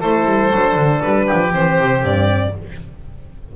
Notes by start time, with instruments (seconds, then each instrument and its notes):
0.00 double bass A3, horn E4, oboe A4, violin C5
0.25 double bass G3
0.51 double bass F#3, horn D4
0.75 double bass D3
1.01 double bass G3, violin B4
1.26 oboe G4
1.33 double bass F3
1.51 double bass E3, horn C4, violin C5
1.79 double bass C3
2.03 double bass G2, violin D5